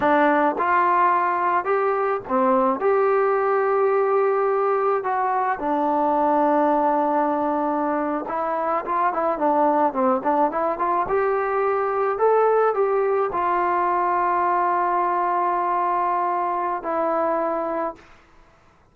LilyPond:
\new Staff \with { instrumentName = "trombone" } { \time 4/4 \tempo 4 = 107 d'4 f'2 g'4 | c'4 g'2.~ | g'4 fis'4 d'2~ | d'2~ d'8. e'4 f'16~ |
f'16 e'8 d'4 c'8 d'8 e'8 f'8 g'16~ | g'4.~ g'16 a'4 g'4 f'16~ | f'1~ | f'2 e'2 | }